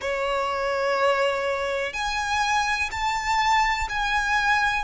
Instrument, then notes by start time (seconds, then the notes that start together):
violin
0.01 C#5
1.93 G#5
2.91 A5
3.89 G#5